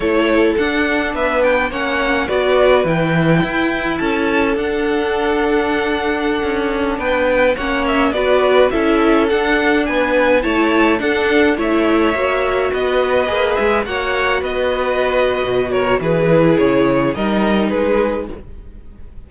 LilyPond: <<
  \new Staff \with { instrumentName = "violin" } { \time 4/4 \tempo 4 = 105 cis''4 fis''4 e''8 g''8 fis''4 | d''4 g''2 a''4 | fis''1~ | fis''16 g''4 fis''8 e''8 d''4 e''8.~ |
e''16 fis''4 gis''4 a''4 fis''8.~ | fis''16 e''2 dis''4. e''16~ | e''16 fis''4 dis''2~ dis''16 cis''8 | b'4 cis''4 dis''4 b'4 | }
  \new Staff \with { instrumentName = "violin" } { \time 4/4 a'2 b'4 cis''4 | b'2. a'4~ | a'1~ | a'16 b'4 cis''4 b'4 a'8.~ |
a'4~ a'16 b'4 cis''4 a'8.~ | a'16 cis''2 b'4.~ b'16~ | b'16 cis''4 b'2~ b'16 ais'8 | gis'2 ais'4 gis'4 | }
  \new Staff \with { instrumentName = "viola" } { \time 4/4 e'4 d'2 cis'4 | fis'4 e'2. | d'1~ | d'4~ d'16 cis'4 fis'4 e'8.~ |
e'16 d'2 e'4 d'8.~ | d'16 e'4 fis'2 gis'8.~ | gis'16 fis'2.~ fis'8.~ | fis'8 e'4. dis'2 | }
  \new Staff \with { instrumentName = "cello" } { \time 4/4 a4 d'4 b4 ais4 | b4 e4 e'4 cis'4 | d'2.~ d'16 cis'8.~ | cis'16 b4 ais4 b4 cis'8.~ |
cis'16 d'4 b4 a4 d'8.~ | d'16 a4 ais4 b4 ais8 gis16~ | gis16 ais4 b4.~ b16 b,4 | e4 cis4 g4 gis4 | }
>>